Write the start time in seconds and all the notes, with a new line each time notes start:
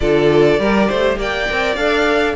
0.00 D3 F4 A4 D5
0.58 G3 G4 A#4
0.88 A3 C5
1.17 A#3 D5 G5
1.49 C4 A#4
1.75 D4 A4 F5